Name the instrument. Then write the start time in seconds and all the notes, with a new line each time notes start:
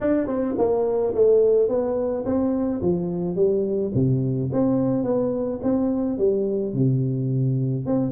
tuba
0.00 D4
0.27 C4
0.58 A#3
1.14 A3
1.68 B3
2.25 C4
2.81 F3
3.35 G3
3.94 C3
4.52 C4
5.03 B3
5.62 C4
6.18 G3
6.73 C3
7.86 C4